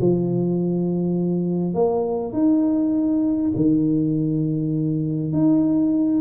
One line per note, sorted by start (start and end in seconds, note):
0.00 1.74 F3
1.74 2.33 A#3
2.33 3.52 D#4
3.55 5.32 D#3
5.32 6.21 D#4